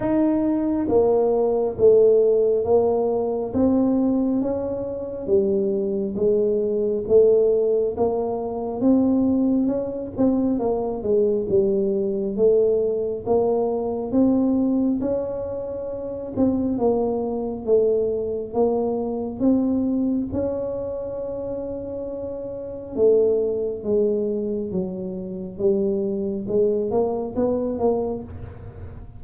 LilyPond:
\new Staff \with { instrumentName = "tuba" } { \time 4/4 \tempo 4 = 68 dis'4 ais4 a4 ais4 | c'4 cis'4 g4 gis4 | a4 ais4 c'4 cis'8 c'8 | ais8 gis8 g4 a4 ais4 |
c'4 cis'4. c'8 ais4 | a4 ais4 c'4 cis'4~ | cis'2 a4 gis4 | fis4 g4 gis8 ais8 b8 ais8 | }